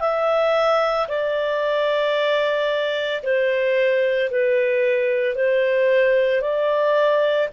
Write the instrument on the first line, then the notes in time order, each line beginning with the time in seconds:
clarinet
0.00 E5
1.08 D5
3.22 C5
4.31 B4
5.35 C5
6.41 D5